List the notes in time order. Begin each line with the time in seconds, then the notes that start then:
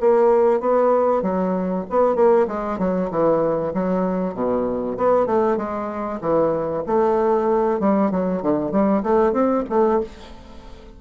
0.00 A#3
0.60 B3
1.22 F#3
1.89 B3
2.15 A#3
2.47 G#3
2.78 F#3
3.10 E3
3.74 F#3
4.34 B2
4.97 B3
5.26 A3
5.57 G#3
6.21 E3
6.86 A3
7.80 G3
8.11 F#3
8.42 D3
8.71 G3
9.03 A3
9.32 C4
9.69 A3